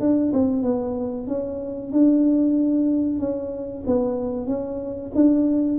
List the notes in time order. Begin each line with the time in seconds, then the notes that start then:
0.00 D4
0.33 C4
0.62 B3
1.27 C#4
1.92 D4
3.19 C#4
3.87 B3
4.47 C#4
5.15 D4